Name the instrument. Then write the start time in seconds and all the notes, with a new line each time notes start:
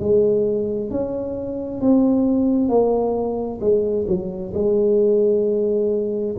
tuba
0.00 G#3
0.91 C#4
1.81 C4
2.69 A#3
3.61 G#3
4.08 F#3
4.55 G#3